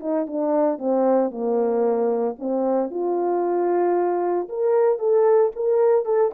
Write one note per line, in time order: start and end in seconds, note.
0.00 0.26 D#4
0.27 0.78 D4
0.78 1.31 C4
1.31 2.36 A#3
2.39 2.90 C4
2.90 4.48 F4
4.49 4.99 A#4
4.99 5.51 A4
5.56 6.05 A#4
6.05 6.31 A4